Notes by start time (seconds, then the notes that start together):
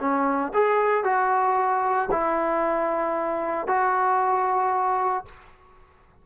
0.00 C#4
0.54 G#4
1.04 F#4
2.11 E4
3.67 F#4